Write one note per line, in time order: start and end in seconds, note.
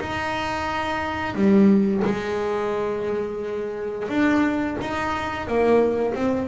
0.00 1.35 D#4
1.35 2.03 G3
2.05 4.08 G#3
4.08 4.77 D4
4.81 5.47 D#4
5.47 6.14 A#3
6.14 6.48 C4